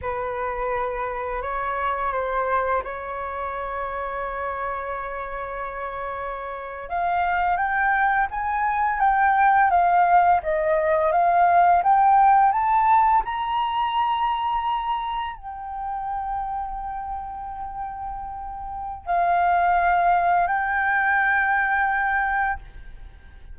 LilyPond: \new Staff \with { instrumentName = "flute" } { \time 4/4 \tempo 4 = 85 b'2 cis''4 c''4 | cis''1~ | cis''4.~ cis''16 f''4 g''4 gis''16~ | gis''8. g''4 f''4 dis''4 f''16~ |
f''8. g''4 a''4 ais''4~ ais''16~ | ais''4.~ ais''16 g''2~ g''16~ | g''2. f''4~ | f''4 g''2. | }